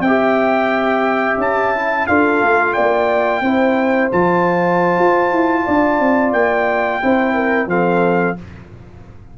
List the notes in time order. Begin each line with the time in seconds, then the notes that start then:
0.00 C4 E5 G5
0.07 G4
1.38 C#4 A5
1.76 E4
2.07 D4 F4 A4 F5
2.42 A3
2.73 A#3 D5 G5
3.41 C4 E4 C5
4.11 F3 F4 A5
4.98 F4
5.32 E4
5.65 D4 D5
6.00 C4
6.33 A#3 G5
7.02 C4 E4 C5
7.34 A#4
7.66 F3 C4 A4 F5